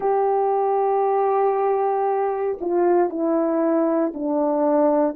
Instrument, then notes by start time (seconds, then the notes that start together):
horn
0.00 G4
2.61 F4
3.09 E4
4.14 D4